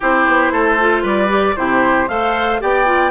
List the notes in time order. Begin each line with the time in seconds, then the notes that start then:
0.00 C4 E4 G4 C5
0.27 B3
0.51 A3 A4
0.79 F4
1.02 G3 B4 D5
1.29 G4
1.56 C3 E4 G4 C5
2.08 A3 A4 C5 F5
2.60 B3 G4 D5 G5
2.85 F4